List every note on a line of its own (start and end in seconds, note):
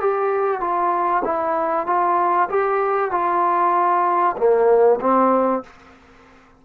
0.00 0.61 G4
0.61 1.23 F4
1.25 1.86 E4
1.86 2.49 F4
2.50 3.11 G4
3.11 4.36 F4
4.38 5.00 A#3
5.01 5.63 C4